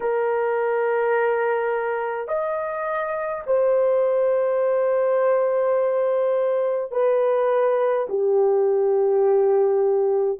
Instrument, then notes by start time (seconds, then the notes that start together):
horn
0.00 A#4
2.28 D#5
3.46 C5
6.91 B4
8.09 G4